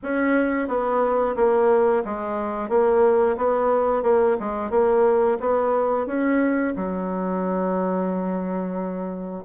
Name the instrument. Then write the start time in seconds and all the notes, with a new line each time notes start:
bassoon
0.02 C#4
0.68 B3
1.35 A#3
2.04 G#3
2.69 A#3
3.37 B3
4.03 A#3
4.39 G#3
4.70 A#3
5.40 B3
6.06 C#4
6.76 F#3